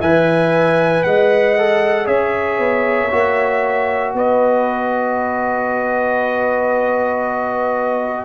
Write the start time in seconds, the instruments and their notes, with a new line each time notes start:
0.00 tuba E3, trombone B4, horn E5, trumpet G#5
1.03 tuba G#3, horn D#5, trumpet F#5
1.58 trombone A4
2.05 tuba C#4, trombone G#4, horn C#5, trumpet E5
2.58 tuba B3
3.11 tuba A#3, trombone F#4
4.14 tuba B3, horn B4, trumpet D#5